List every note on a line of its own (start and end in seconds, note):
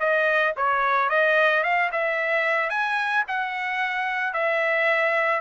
0.00 0.54 D#5
0.57 1.10 C#5
1.10 1.63 D#5
1.63 1.90 F5
1.92 2.70 E5
2.70 3.24 G#5
3.28 4.34 F#5
4.34 5.41 E5